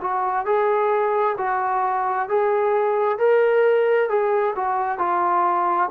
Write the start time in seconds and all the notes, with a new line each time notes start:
0.00 F#4
0.45 G#4
1.37 F#4
2.28 G#4
3.18 A#4
4.09 G#4
4.55 F#4
4.98 F4